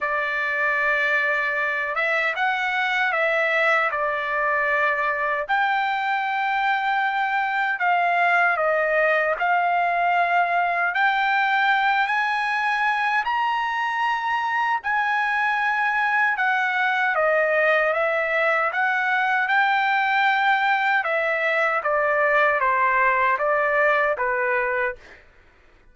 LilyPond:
\new Staff \with { instrumentName = "trumpet" } { \time 4/4 \tempo 4 = 77 d''2~ d''8 e''8 fis''4 | e''4 d''2 g''4~ | g''2 f''4 dis''4 | f''2 g''4. gis''8~ |
gis''4 ais''2 gis''4~ | gis''4 fis''4 dis''4 e''4 | fis''4 g''2 e''4 | d''4 c''4 d''4 b'4 | }